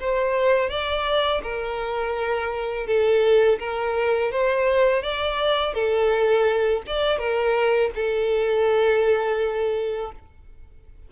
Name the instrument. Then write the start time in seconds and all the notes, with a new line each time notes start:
violin
0.00 C5
0.70 D5
1.43 A#4
2.87 A4
3.59 A#4
4.32 C5
5.02 D5
5.74 A4
6.87 D5
7.18 A#4
7.95 A4